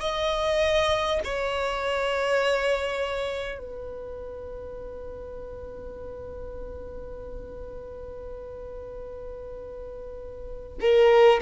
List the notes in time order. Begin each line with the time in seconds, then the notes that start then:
0.00 D#5
1.24 C#5
3.58 B4
10.80 A#4